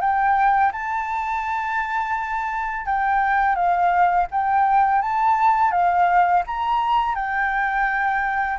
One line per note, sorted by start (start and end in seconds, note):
0.00 0.71 G5
0.72 2.86 A5
2.86 3.55 G5
3.55 4.27 F5
4.31 5.02 G5
5.02 5.71 A5
5.71 6.43 F5
6.46 7.15 A#5
7.15 8.57 G5